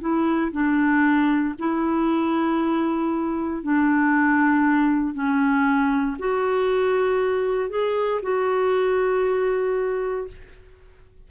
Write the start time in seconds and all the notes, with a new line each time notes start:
0.00 E4
0.52 D4
1.59 E4
3.62 D4
5.14 C#4
6.18 F#4
7.69 G#4
8.22 F#4